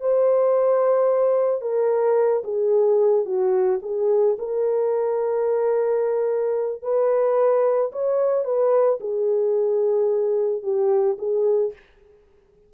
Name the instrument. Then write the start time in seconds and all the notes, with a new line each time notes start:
horn
0.00 C5
1.61 A#4
2.43 G#4
3.25 F#4
3.82 G#4
4.39 A#4
6.82 B4
7.92 C#5
8.44 B4
9.00 G#4
10.63 G4
11.18 G#4